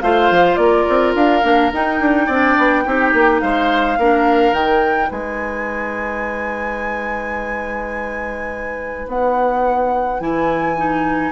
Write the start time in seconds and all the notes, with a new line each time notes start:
0.00 A3 F4 C5 F5
0.30 F3
0.56 A#3 D5
0.62 A#4
0.89 C4
1.14 D4 F5
1.42 A#3 D4
1.72 D#4 G5
2.00 D4
2.26 C4 D4 D5
2.58 B3
2.84 C4 D#4 G4
3.13 A#3
3.40 G#3 C5 F5
3.97 A#3 D4 A#4
4.52 D#3 D#4 G5
5.08 G#3 B4 G#5
9.06 B3 F#5
10.19 E3 E4 G#5
10.76 D#4